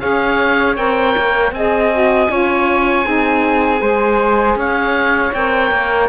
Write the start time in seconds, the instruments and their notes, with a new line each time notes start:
0.00 cello C#4, saxophone G#4, flute C#5, oboe F5
0.76 cello C4, saxophone A#4, oboe G5
1.17 cello A#3
1.52 cello C4, saxophone G#4, flute D#5, oboe G#5
1.92 saxophone F#4
2.29 cello C#4, saxophone F4, flute C#5
3.05 cello C4, saxophone D#4, flute G#4
3.79 cello G#3, saxophone G#4, flute C5
4.56 cello C#4, flute C#5, oboe F5
5.34 cello C4, saxophone A#4, oboe G5
5.71 cello A#3